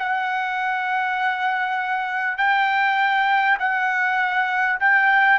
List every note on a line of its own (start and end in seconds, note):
0.00 2.38 F#5
2.38 3.58 G5
3.60 4.80 F#5
4.81 5.39 G5